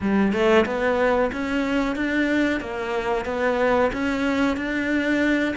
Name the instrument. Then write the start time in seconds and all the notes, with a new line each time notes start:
cello
0.00 G3
0.32 A3
0.65 B3
1.32 C#4
1.95 D4
2.60 A#3
3.25 B3
3.92 C#4
4.57 D4